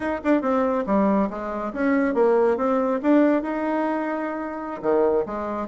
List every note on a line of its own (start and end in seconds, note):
0.00 0.20 D#4
0.24 0.41 D4
0.41 0.84 C4
0.86 1.29 G3
1.30 1.72 G#3
1.73 2.14 C#4
2.14 2.57 A#3
2.57 2.99 C4
3.02 3.42 D4
3.42 4.81 D#4
4.82 5.24 D#3
5.26 5.67 G#3